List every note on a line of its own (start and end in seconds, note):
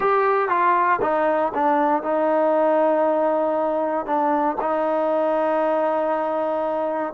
0.00 0.48 G4
0.48 0.99 F4
1.01 1.52 D#4
1.54 2.02 D4
2.02 4.05 D#4
4.05 4.56 D4
4.60 7.13 D#4